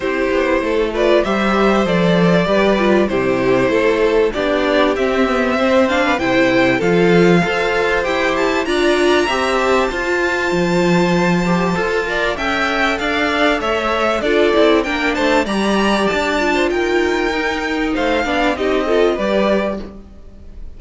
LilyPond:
<<
  \new Staff \with { instrumentName = "violin" } { \time 4/4 \tempo 4 = 97 c''4. d''8 e''4 d''4~ | d''4 c''2 d''4 | e''4. f''8 g''4 f''4~ | f''4 g''8 a''8 ais''4. a''8~ |
a''1 | g''4 f''4 e''4 d''4 | g''8 a''8 ais''4 a''4 g''4~ | g''4 f''4 dis''4 d''4 | }
  \new Staff \with { instrumentName = "violin" } { \time 4/4 g'4 a'8 b'8 c''2 | b'4 g'4 a'4 g'4~ | g'4 c''8. b'16 c''4 a'4 | c''2 d''4 e''4 |
c''2.~ c''8 d''8 | e''4 d''4 cis''4 a'4 | ais'8 c''8 d''4.~ d''16 c''16 ais'4~ | ais'4 c''8 d''8 g'8 a'8 b'4 | }
  \new Staff \with { instrumentName = "viola" } { \time 4/4 e'4. f'8 g'4 a'4 | g'8 f'8 e'2 d'4 | c'8 b8 c'8 d'8 e'4 f'4 | a'4 g'4 f'4 g'4 |
f'2~ f'8 g'8 a'8 ais'8 | a'2. f'8 e'8 | d'4 g'4. f'4. | dis'4. d'8 dis'8 f'8 g'4 | }
  \new Staff \with { instrumentName = "cello" } { \time 4/4 c'8 b8 a4 g4 f4 | g4 c4 a4 b4 | c'2 c4 f4 | f'4 e'4 d'4 c'4 |
f'4 f2 f'4 | cis'4 d'4 a4 d'8 c'8 | ais8 a8 g4 d'4 dis'4~ | dis'4 a8 b8 c'4 g4 | }
>>